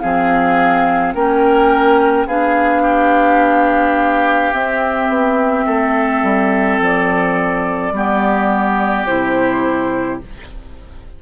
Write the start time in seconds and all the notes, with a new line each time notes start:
0.00 F3 C4 G#4 F5
1.14 A#3 C#4 A#4 G5
2.26 B3 D4 G#4 F5
2.82 G4
4.53 C4 E5
5.08 B3
5.66 A3 A4
6.23 G3
6.79 F3 D5
7.92 G3 B3 G4
9.05 C3 E4 C5